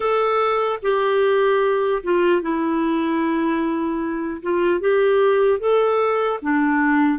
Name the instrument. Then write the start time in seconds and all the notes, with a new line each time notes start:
clarinet
0.00 A4
0.82 G4
2.03 F4
2.41 E4
4.42 F4
4.80 G4
5.59 A4
6.41 D4